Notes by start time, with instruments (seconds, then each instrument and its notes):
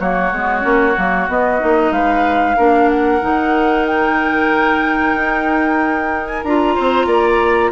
0.00 bassoon F#3, clarinet A#3, oboe F#4, flute C#5
0.32 bassoon G#3, clarinet B3
0.62 bassoon A#3, clarinet C#4
0.97 bassoon F#3, clarinet A#3
1.29 clarinet B3, bassoon B3, flute D#5
1.60 bassoon A#3, clarinet D#4
1.91 bassoon G#3, oboe B4, flute F5
2.57 bassoon A#3, clarinet D4, oboe A#4
2.90 flute F#5
3.22 bassoon D#3, clarinet D#4
3.87 flute G5
5.15 bassoon D#4
6.27 flute G#5
6.44 bassoon D4, clarinet F4, flute A#5
6.75 bassoon C4, oboe C5
7.07 bassoon A#3, oboe D5